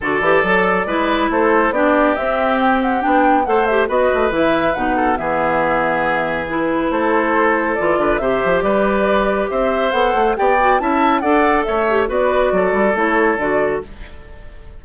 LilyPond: <<
  \new Staff \with { instrumentName = "flute" } { \time 4/4 \tempo 4 = 139 d''2. c''4 | d''4 e''4 g''8 fis''8 g''4 | fis''8 e''8 dis''4 e''4 fis''4 | e''2. b'4 |
c''2 d''4 e''4 | d''2 e''4 fis''4 | g''4 a''4 fis''4 e''4 | d''2 cis''4 d''4 | }
  \new Staff \with { instrumentName = "oboe" } { \time 4/4 a'2 b'4 a'4 | g'1 | c''4 b'2~ b'8 a'8 | gis'1 |
a'2~ a'8 b'8 c''4 | b'2 c''2 | d''4 e''4 d''4 cis''4 | b'4 a'2. | }
  \new Staff \with { instrumentName = "clarinet" } { \time 4/4 fis'8 g'8 a'4 e'2 | d'4 c'2 d'4 | a'8 g'8 fis'4 e'4 dis'4 | b2. e'4~ |
e'2 f'4 g'4~ | g'2. a'4 | g'8 fis'8 e'4 a'4. g'8 | fis'2 e'4 fis'4 | }
  \new Staff \with { instrumentName = "bassoon" } { \time 4/4 d8 e8 fis4 gis4 a4 | b4 c'2 b4 | a4 b8 a8 e4 b,4 | e1 |
a2 e8 d8 c8 f8 | g2 c'4 b8 a8 | b4 cis'4 d'4 a4 | b4 fis8 g8 a4 d4 | }
>>